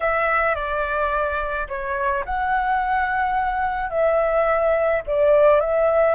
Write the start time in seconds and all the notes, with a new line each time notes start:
0.00 E5
0.55 D5
1.68 C#5
2.25 F#5
3.90 E5
5.06 D5
5.60 E5